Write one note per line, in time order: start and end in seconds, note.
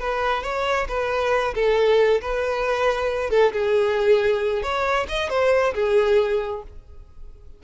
0.00 0.43 B4
0.43 0.87 C#5
0.88 1.54 B4
1.55 2.21 A4
2.21 3.30 B4
3.30 3.52 A4
3.53 4.62 G#4
4.62 5.07 C#5
5.09 5.30 D#5
5.30 5.74 C5
5.74 6.63 G#4